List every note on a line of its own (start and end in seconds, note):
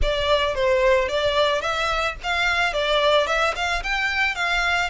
0.01 0.55 D5
0.55 1.08 C5
1.08 1.61 D5
1.61 2.15 E5
2.23 2.73 F5
2.73 3.27 D5
3.27 3.54 E5
3.55 3.83 F5
3.83 4.35 G5
4.35 4.89 F5